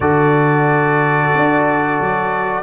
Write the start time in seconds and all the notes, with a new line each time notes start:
0.00 D3 F#4 A4 D5
1.34 D4
2.00 F#3